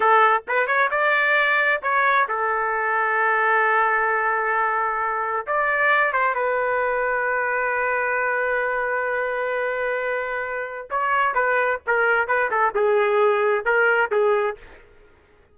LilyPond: \new Staff \with { instrumentName = "trumpet" } { \time 4/4 \tempo 4 = 132 a'4 b'8 cis''8 d''2 | cis''4 a'2.~ | a'1 | d''4. c''8 b'2~ |
b'1~ | b'1 | cis''4 b'4 ais'4 b'8 a'8 | gis'2 ais'4 gis'4 | }